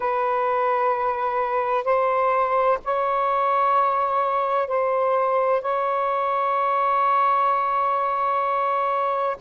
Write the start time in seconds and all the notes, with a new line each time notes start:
0.00 B4
1.84 C5
2.84 C#5
4.67 C5
5.61 C#5